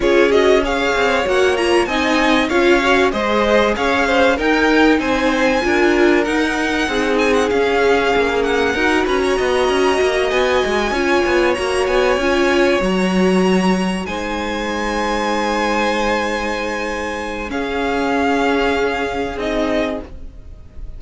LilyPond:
<<
  \new Staff \with { instrumentName = "violin" } { \time 4/4 \tempo 4 = 96 cis''8 dis''8 f''4 fis''8 ais''8 gis''4 | f''4 dis''4 f''4 g''4 | gis''2 fis''4. gis''16 fis''16 | f''4. fis''4 ais''4.~ |
ais''8 gis''2 ais''8 gis''4~ | gis''8 ais''2 gis''4.~ | gis''1 | f''2. dis''4 | }
  \new Staff \with { instrumentName = "violin" } { \time 4/4 gis'4 cis''2 dis''4 | cis''4 c''4 cis''8 c''8 ais'4 | c''4 ais'2 gis'4~ | gis'2 ais'8 b'16 cis''16 dis''4~ |
dis''4. cis''2~ cis''8~ | cis''2~ cis''8 c''4.~ | c''1 | gis'1 | }
  \new Staff \with { instrumentName = "viola" } { \time 4/4 f'8 fis'8 gis'4 fis'8 f'8 dis'4 | f'8 fis'8 gis'2 dis'4~ | dis'4 f'4 dis'2 | cis'2 fis'2~ |
fis'4. f'4 fis'4 f'8~ | f'8 fis'2 dis'4.~ | dis'1 | cis'2. dis'4 | }
  \new Staff \with { instrumentName = "cello" } { \time 4/4 cis'4. c'8 ais4 c'4 | cis'4 gis4 cis'4 dis'4 | c'4 d'4 dis'4 c'4 | cis'4 ais4 dis'8 cis'8 b8 cis'8 |
ais8 b8 gis8 cis'8 b8 ais8 b8 cis'8~ | cis'8 fis2 gis4.~ | gis1 | cis'2. c'4 | }
>>